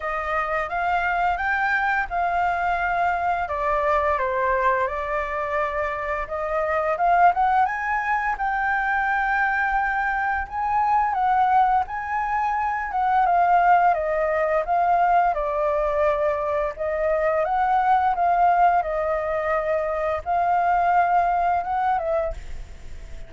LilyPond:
\new Staff \with { instrumentName = "flute" } { \time 4/4 \tempo 4 = 86 dis''4 f''4 g''4 f''4~ | f''4 d''4 c''4 d''4~ | d''4 dis''4 f''8 fis''8 gis''4 | g''2. gis''4 |
fis''4 gis''4. fis''8 f''4 | dis''4 f''4 d''2 | dis''4 fis''4 f''4 dis''4~ | dis''4 f''2 fis''8 e''8 | }